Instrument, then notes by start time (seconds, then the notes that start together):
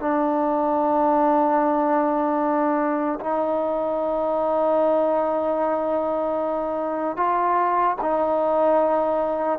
trombone
0.00 D4
3.21 D#4
7.17 F4
8.02 D#4